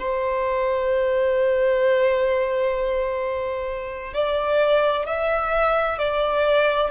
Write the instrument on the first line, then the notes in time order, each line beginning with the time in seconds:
violin
0.00 C5
4.14 D5
5.06 E5
5.99 D5